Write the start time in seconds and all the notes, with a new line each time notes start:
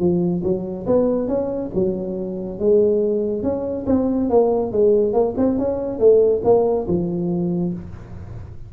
0.00 F3
0.44 F#3
0.87 B3
1.28 C#4
1.75 F#3
2.59 G#3
3.43 C#4
3.87 C4
4.30 A#3
4.72 G#3
5.14 A#3
5.37 C4
5.59 C#4
6.00 A3
6.44 A#3
6.88 F3